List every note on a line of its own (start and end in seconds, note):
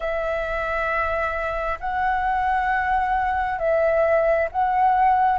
0.00 1.78 E5
1.80 3.59 F#5
3.59 4.48 E5
4.51 5.39 F#5